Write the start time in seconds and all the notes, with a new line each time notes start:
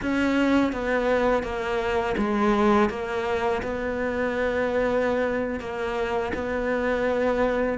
0.02 C#4
0.72 B3
1.43 A#3
2.17 G#3
2.89 A#3
3.62 B3
5.60 A#3
6.34 B3